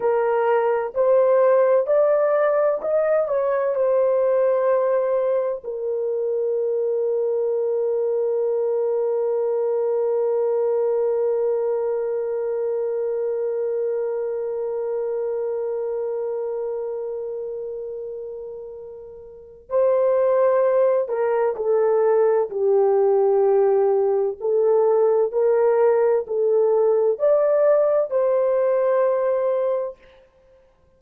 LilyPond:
\new Staff \with { instrumentName = "horn" } { \time 4/4 \tempo 4 = 64 ais'4 c''4 d''4 dis''8 cis''8 | c''2 ais'2~ | ais'1~ | ais'1~ |
ais'1~ | ais'4 c''4. ais'8 a'4 | g'2 a'4 ais'4 | a'4 d''4 c''2 | }